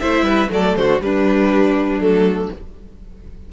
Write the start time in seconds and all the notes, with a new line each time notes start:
0.00 A3 E4 C5 E5
0.22 G3 B4
0.49 F#3 A3 A4 D5
0.76 D3 F#4 C5
1.01 G3 D4 B4
1.99 F#3 A3 A4